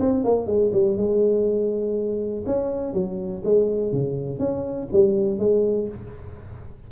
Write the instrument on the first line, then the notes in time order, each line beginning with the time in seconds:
tuba
0.00 C4
0.24 A#3
0.46 G#3
0.73 G3
0.97 G#3
2.46 C#4
2.94 F#3
3.45 G#3
3.92 C#3
4.39 C#4
4.93 G3
5.39 G#3